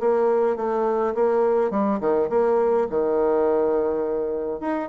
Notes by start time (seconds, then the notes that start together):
0.00 A#3
0.57 A3
1.15 A#3
1.71 G3
2.00 D#3
2.30 A#3
2.90 D#3
4.61 D#4